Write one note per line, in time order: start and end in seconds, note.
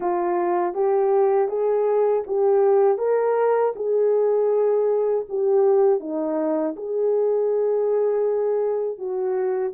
0.00 0.74 F4
0.74 1.48 G4
1.48 2.23 G#4
2.27 2.98 G4
2.98 3.73 A#4
3.75 5.25 G#4
5.29 6.00 G4
6.00 6.75 D#4
6.76 8.98 G#4
8.98 9.73 F#4